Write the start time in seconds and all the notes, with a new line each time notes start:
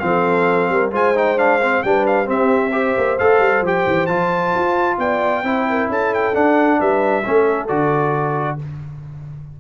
0.00 F3 C4 F5
0.07 A4
0.69 G3 A#4
0.92 G#3 F4 C5 G#5
1.16 D#4 G5
1.38 D4 F5
1.62 C4
1.83 G3 D4 B4 G5
2.07 F5
2.25 C4 G4 E5
2.72 G4 C5
2.97 A#3
3.19 A3 A4 F5
3.40 G3
3.61 F3 G4 G5
3.86 E3
4.07 F3 F4 A5
4.55 F4
4.98 B3 D5 G5
5.43 C4 E4 C5
5.69 A#4
5.89 C#4 A4 A5
6.14 G5
6.33 D4 F#5
6.79 G3 B4 E5
7.25 A3 C#4 A4
7.68 D3 F#4 D5